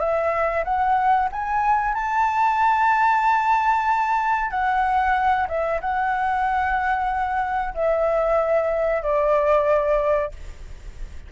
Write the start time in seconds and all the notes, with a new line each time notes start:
0.00 E5
0.65 F#5
1.33 G#5
1.95 A5
4.51 F#5
5.48 E5
5.81 F#5
7.75 E5
9.03 D5